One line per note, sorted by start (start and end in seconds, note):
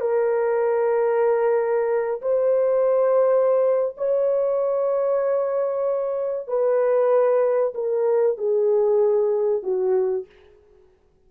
0.00 2.21 A#4
2.22 3.95 C5
3.97 6.47 C#5
6.47 7.73 B4
7.74 8.37 A#4
8.37 9.63 G#4
9.63 10.26 F#4